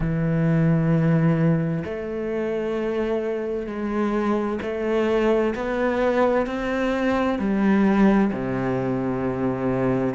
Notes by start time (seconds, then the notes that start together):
0.00 E3
1.84 A3
3.66 G#3
4.62 A3
5.55 B3
6.46 C4
7.38 G3
8.32 C3